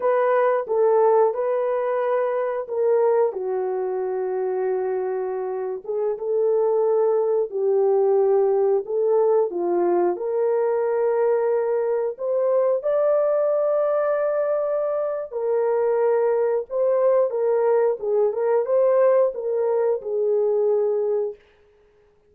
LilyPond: \new Staff \with { instrumentName = "horn" } { \time 4/4 \tempo 4 = 90 b'4 a'4 b'2 | ais'4 fis'2.~ | fis'8. gis'8 a'2 g'8.~ | g'4~ g'16 a'4 f'4 ais'8.~ |
ais'2~ ais'16 c''4 d''8.~ | d''2. ais'4~ | ais'4 c''4 ais'4 gis'8 ais'8 | c''4 ais'4 gis'2 | }